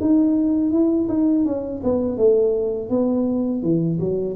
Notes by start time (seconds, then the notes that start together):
0.00 D#4
0.71 E4
1.08 D#4
1.45 C#4
1.83 B3
2.17 A3
2.89 B3
3.62 E3
3.99 F#3